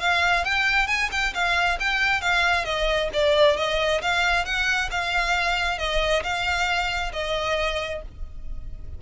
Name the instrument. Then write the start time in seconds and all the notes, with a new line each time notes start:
violin
0.00 F5
0.44 G5
0.87 G#5
1.11 G5
1.34 F5
1.79 G5
2.21 F5
2.64 D#5
3.13 D5
3.57 D#5
4.01 F5
4.45 F#5
4.91 F5
5.78 D#5
6.23 F5
7.13 D#5